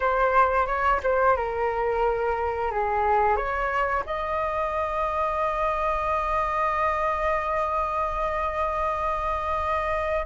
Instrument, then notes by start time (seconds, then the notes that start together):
flute
0.00 C5
0.66 C#5
1.03 C5
1.36 A#4
2.71 G#4
3.36 C#5
4.05 D#5